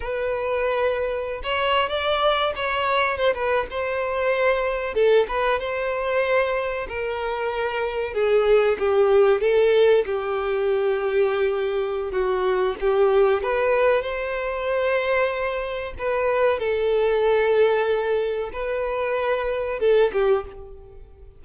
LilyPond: \new Staff \with { instrumentName = "violin" } { \time 4/4 \tempo 4 = 94 b'2~ b'16 cis''8. d''4 | cis''4 c''16 b'8 c''2 a'16~ | a'16 b'8 c''2 ais'4~ ais'16~ | ais'8. gis'4 g'4 a'4 g'16~ |
g'2. fis'4 | g'4 b'4 c''2~ | c''4 b'4 a'2~ | a'4 b'2 a'8 g'8 | }